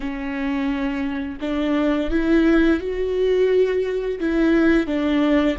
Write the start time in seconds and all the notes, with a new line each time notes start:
0.00 C#4
1.40 D4
2.10 E4
2.80 F#4
4.20 E4
4.86 D4